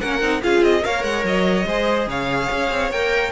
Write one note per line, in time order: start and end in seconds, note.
0.00 0.21 A#3
0.00 0.21 C#4
0.00 0.41 A#4
0.00 0.42 F#5
0.21 0.42 C4
0.21 0.42 D#4
0.42 0.62 C#4
0.42 0.81 F4
0.42 0.85 G#4
0.42 0.64 F5
0.62 0.82 C4
0.62 0.84 D#5
0.81 1.03 A#3
0.81 1.64 A#4
0.81 1.67 C#5
0.81 1.04 F5
1.03 1.24 G#3
1.03 1.24 F#5
1.24 1.65 F#3
1.24 2.09 D#5
1.66 2.07 G#3
1.66 2.92 G#4
1.66 2.09 C5
2.07 2.48 C#3
2.07 3.32 C#5
2.07 2.92 F5
2.51 2.71 C#4
2.71 2.91 C4
2.91 3.32 A#3
2.91 3.32 A#4
2.91 3.32 G5